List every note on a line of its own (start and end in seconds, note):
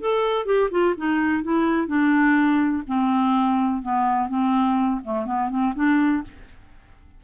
0.00 0.45 A4
0.45 0.69 G4
0.70 0.94 F4
0.97 1.43 D#4
1.43 1.87 E4
1.87 2.83 D4
2.87 3.82 C4
3.82 4.29 B3
4.29 5.01 C4
5.03 5.25 A3
5.25 5.49 B3
5.49 5.73 C4
5.75 6.23 D4